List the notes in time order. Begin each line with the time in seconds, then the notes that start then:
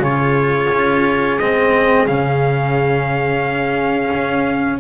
0.00 C#3 F4 G#4 C#5
0.73 C#4
1.39 G#3 C4 D#5
2.07 C#3 C#4 F5
4.13 C#4